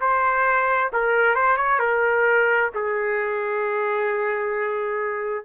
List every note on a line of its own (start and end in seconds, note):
0.00 0.91 C5
0.93 1.35 A#4
1.35 1.57 C5
1.57 1.79 C#5
1.79 2.70 A#4
2.74 5.45 G#4